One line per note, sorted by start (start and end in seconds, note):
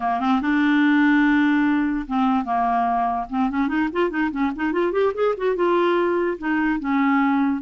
0.00 0.20 A#3
0.20 0.40 C4
0.41 2.06 D4
2.07 2.44 C4
2.44 3.27 A#3
3.29 3.50 C4
3.50 3.68 C#4
3.68 3.88 D#4
3.92 4.09 F4
4.09 4.30 D#4
4.31 4.51 C#4
4.55 4.72 D#4
4.72 4.92 F4
4.92 5.12 G4
5.14 5.34 G#4
5.37 5.55 F#4
5.55 6.37 F4
6.38 6.79 D#4
6.79 7.61 C#4